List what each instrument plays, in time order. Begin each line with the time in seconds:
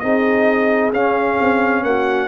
0.00 tuba C4, trombone D#4, horn G#4, trumpet D#5
0.92 tuba C#4, trombone C#4, trumpet F5
1.41 tuba C4
1.83 tuba A#3, horn F#4, trumpet F#5